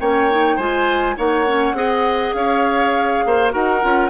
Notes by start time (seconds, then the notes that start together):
0.00 A#3 C#4 C#5 G5
0.30 D#4
0.56 G#3 F4 C5 G#5
1.16 A#3 D#4 C#5 F#5
1.47 C#4
1.73 C4 G#4 D#5
2.33 C#4 C#5 F5
3.25 A#3 C5
3.50 D#4 F#4 A#4 F#5
3.81 C#4 F4